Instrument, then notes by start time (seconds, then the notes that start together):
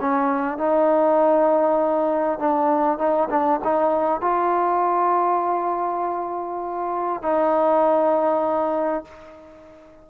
trombone
0.00 C#4
0.58 D#4
2.39 D4
2.98 D#4
3.30 D4
3.64 D#4
4.21 F4
7.23 D#4